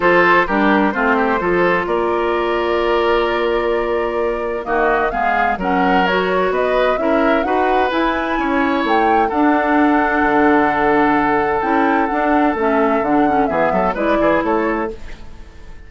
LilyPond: <<
  \new Staff \with { instrumentName = "flute" } { \time 4/4 \tempo 4 = 129 c''4 ais'4 c''2 | d''1~ | d''2 dis''4 f''4 | fis''4 cis''4 dis''4 e''4 |
fis''4 gis''2 g''4 | fis''1~ | fis''4 g''4 fis''4 e''4 | fis''4 e''4 d''4 cis''4 | }
  \new Staff \with { instrumentName = "oboe" } { \time 4/4 a'4 g'4 f'8 g'8 a'4 | ais'1~ | ais'2 fis'4 gis'4 | ais'2 b'4 ais'4 |
b'2 cis''2 | a'1~ | a'1~ | a'4 gis'8 a'8 b'8 gis'8 a'4 | }
  \new Staff \with { instrumentName = "clarinet" } { \time 4/4 f'4 d'4 c'4 f'4~ | f'1~ | f'2 ais4 b4 | cis'4 fis'2 e'4 |
fis'4 e'2. | d'1~ | d'4 e'4 d'4 cis'4 | d'8 cis'8 b4 e'2 | }
  \new Staff \with { instrumentName = "bassoon" } { \time 4/4 f4 g4 a4 f4 | ais1~ | ais2 dis4 gis4 | fis2 b4 cis'4 |
dis'4 e'4 cis'4 a4 | d'2 d2~ | d4 cis'4 d'4 a4 | d4 e8 fis8 gis8 e8 a4 | }
>>